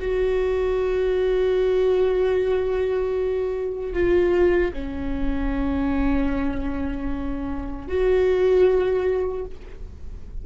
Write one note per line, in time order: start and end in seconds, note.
0.00 3.94 F#4
3.94 4.73 F4
4.74 7.88 C#4
7.88 9.46 F#4